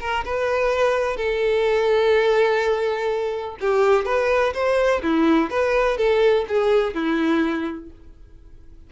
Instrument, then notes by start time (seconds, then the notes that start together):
violin
0.00 A#4
0.25 B4
1.17 A4
3.61 G4
4.06 B4
4.54 C5
5.02 E4
5.50 B4
5.98 A4
6.48 G#4
6.94 E4